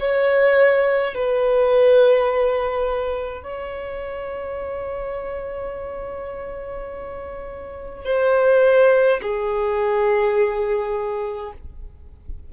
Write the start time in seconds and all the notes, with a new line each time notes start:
0.00 C#5
1.14 B4
3.44 C#5
8.05 C5
9.22 G#4